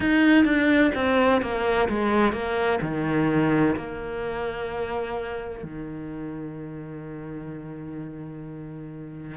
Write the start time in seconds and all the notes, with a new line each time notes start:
0.00 D#4
0.44 D4
0.94 C4
1.41 A#3
1.88 G#3
2.32 A#3
2.81 D#3
3.76 A#3
5.62 D#3